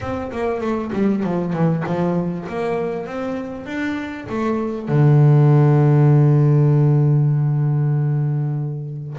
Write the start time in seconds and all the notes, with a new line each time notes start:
0.00 C4
0.31 A#3
0.60 A3
0.92 G3
1.23 F3
1.53 E3
1.86 F3
2.48 A#3
3.06 C4
3.66 D4
4.29 A3
4.88 D3